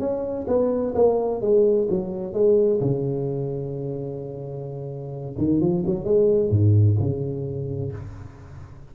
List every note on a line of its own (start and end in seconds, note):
0.00 0.47 C#4
0.48 0.94 B3
0.95 1.42 A#3
1.42 1.88 G#3
1.90 2.34 F#3
2.34 2.80 G#3
2.81 5.36 C#3
5.38 5.61 D#3
5.61 5.84 F3
5.86 6.05 F#3
6.05 6.50 G#3
6.50 6.97 G#2
6.99 7.92 C#3